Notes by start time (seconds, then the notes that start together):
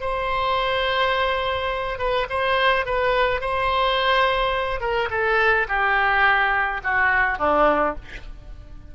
0.00 C5
1.98 B4
2.29 C5
2.86 B4
3.41 C5
4.80 A#4
5.10 A4
5.68 G4
6.83 F#4
7.38 D4